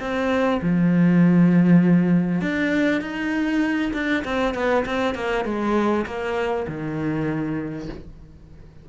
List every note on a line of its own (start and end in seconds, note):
0.00 0.61 C4
0.62 2.41 F3
2.41 3.01 D4
3.01 3.92 D#4
3.93 4.24 D4
4.25 4.55 C4
4.55 4.85 B3
4.86 5.15 C4
5.15 5.45 A#3
5.45 6.06 G#3
6.06 6.67 A#3
6.68 7.89 D#3